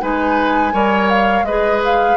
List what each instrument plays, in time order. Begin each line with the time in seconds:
0.00 bassoon G#3, clarinet D#4, oboe B4, flute G#5
0.73 bassoon G3, clarinet A#4, oboe C#5
1.10 flute F5
1.42 bassoon G#3, oboe B4, flute D#5
1.48 clarinet G#4
1.85 flute F5